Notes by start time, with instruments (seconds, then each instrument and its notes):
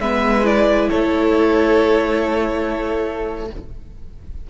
0.00 cello G#3, viola B3, violin B4 E5
0.44 viola E4, violin D5
0.90 cello A3, violin A4 C#5